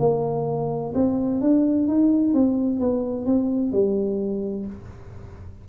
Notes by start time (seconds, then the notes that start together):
0.00 A#3
0.95 C4
1.41 D4
1.88 D#4
2.34 C4
2.80 B3
3.26 C4
3.73 G3